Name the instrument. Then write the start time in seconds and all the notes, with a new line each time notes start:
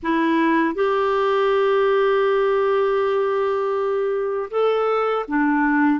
clarinet
0.02 E4
0.74 G4
4.50 A4
5.27 D4